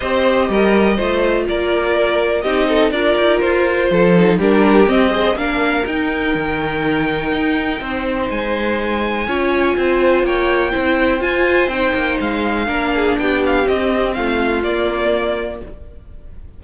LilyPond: <<
  \new Staff \with { instrumentName = "violin" } { \time 4/4 \tempo 4 = 123 dis''2. d''4~ | d''4 dis''4 d''4 c''4~ | c''4 ais'4 dis''4 f''4 | g''1~ |
g''4 gis''2.~ | gis''4 g''2 gis''4 | g''4 f''2 g''8 f''8 | dis''4 f''4 d''2 | }
  \new Staff \with { instrumentName = "violin" } { \time 4/4 c''4 ais'4 c''4 ais'4~ | ais'4 g'8 a'8 ais'2 | a'4 g'4. c''8 ais'4~ | ais'1 |
c''2. cis''4 | c''4 cis''4 c''2~ | c''2 ais'8 gis'8 g'4~ | g'4 f'2. | }
  \new Staff \with { instrumentName = "viola" } { \time 4/4 g'2 f'2~ | f'4 dis'4 f'2~ | f'8 dis'8 d'4 c'8 gis'8 d'4 | dis'1~ |
dis'2. f'4~ | f'2 e'4 f'4 | dis'2 d'2 | c'2 ais2 | }
  \new Staff \with { instrumentName = "cello" } { \time 4/4 c'4 g4 a4 ais4~ | ais4 c'4 d'8 dis'8 f'4 | f4 g4 c'4 ais4 | dis'4 dis2 dis'4 |
c'4 gis2 cis'4 | c'4 ais4 c'4 f'4 | c'8 ais8 gis4 ais4 b4 | c'4 a4 ais2 | }
>>